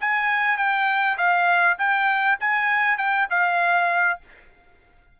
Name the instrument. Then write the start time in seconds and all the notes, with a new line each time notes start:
trumpet
0.00 G#5
0.57 G5
1.17 F5
1.78 G5
2.39 G#5
2.98 G5
3.30 F5